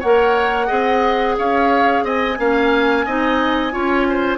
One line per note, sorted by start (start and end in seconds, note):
0.00 0.70 A#3
0.00 0.67 A#4
0.00 0.67 C#5
0.00 1.36 F#5
0.67 1.37 C4
0.67 2.36 G#4
0.67 1.34 D#5
1.38 2.04 C#4
1.38 2.04 C#5
1.38 2.05 F5
2.04 2.37 C4
2.04 2.38 D#5
2.04 4.37 G#5
2.39 3.06 A#3
2.39 3.07 C#4
2.39 3.06 F5
3.06 3.74 C4
3.06 3.71 D#4
3.06 3.73 D#5
3.71 4.37 C#4
3.71 4.37 F4
3.71 4.07 C#5
4.09 4.37 C5